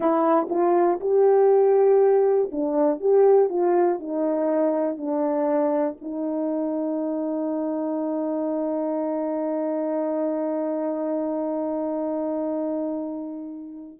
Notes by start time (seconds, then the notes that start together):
0.00 E4
0.50 F4
1.00 G4
2.51 D4
3.00 G4
3.49 F4
3.99 D#4
4.97 D4
6.01 D#4